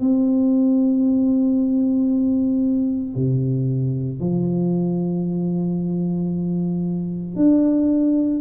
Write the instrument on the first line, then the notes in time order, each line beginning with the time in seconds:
tuba
0.00 C4
3.15 C3
4.20 F3
7.36 D4